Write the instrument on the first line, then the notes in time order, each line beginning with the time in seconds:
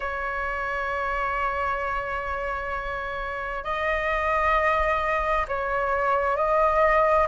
flute
0.00 C#5
3.64 D#5
5.48 C#5
6.36 D#5